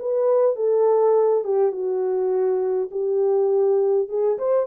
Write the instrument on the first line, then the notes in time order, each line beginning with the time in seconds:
horn
0.00 B4
0.56 A4
1.45 G4
1.72 F#4
2.91 G4
4.09 G#4
4.39 C5